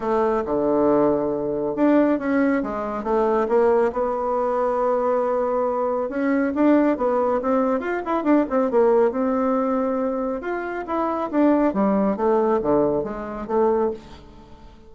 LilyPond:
\new Staff \with { instrumentName = "bassoon" } { \time 4/4 \tempo 4 = 138 a4 d2. | d'4 cis'4 gis4 a4 | ais4 b2.~ | b2 cis'4 d'4 |
b4 c'4 f'8 e'8 d'8 c'8 | ais4 c'2. | f'4 e'4 d'4 g4 | a4 d4 gis4 a4 | }